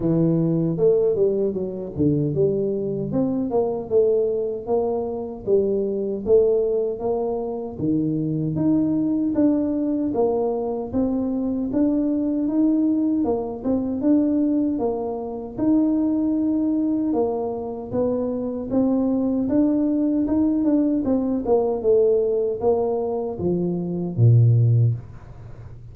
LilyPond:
\new Staff \with { instrumentName = "tuba" } { \time 4/4 \tempo 4 = 77 e4 a8 g8 fis8 d8 g4 | c'8 ais8 a4 ais4 g4 | a4 ais4 dis4 dis'4 | d'4 ais4 c'4 d'4 |
dis'4 ais8 c'8 d'4 ais4 | dis'2 ais4 b4 | c'4 d'4 dis'8 d'8 c'8 ais8 | a4 ais4 f4 ais,4 | }